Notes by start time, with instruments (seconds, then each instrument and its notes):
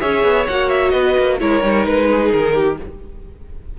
0.00 cello C#4, viola G#4, violin C#5 E5
0.24 cello B3
0.47 cello A#3, viola F#4, violin F#5
0.70 violin E5
0.91 cello B3, violin B4 D#5
1.18 cello A#3
1.40 cello G#3, viola E4, violin A#4 C#5
1.62 cello G3, viola D#4
1.86 cello G#3, violin B4
2.09 violin G#4
2.31 cello D#3, violin A#4
2.55 violin G4